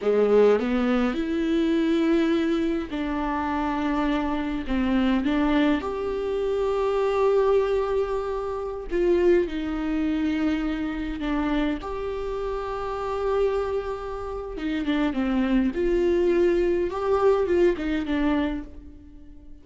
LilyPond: \new Staff \with { instrumentName = "viola" } { \time 4/4 \tempo 4 = 103 gis4 b4 e'2~ | e'4 d'2. | c'4 d'4 g'2~ | g'2.~ g'16 f'8.~ |
f'16 dis'2. d'8.~ | d'16 g'2.~ g'8.~ | g'4 dis'8 d'8 c'4 f'4~ | f'4 g'4 f'8 dis'8 d'4 | }